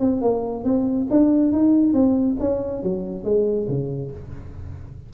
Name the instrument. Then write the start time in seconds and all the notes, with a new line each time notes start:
tuba
0.00 C4
0.22 A#3
0.64 C4
1.10 D4
1.52 D#4
1.93 C4
2.40 C#4
2.83 F#3
3.25 G#3
3.68 C#3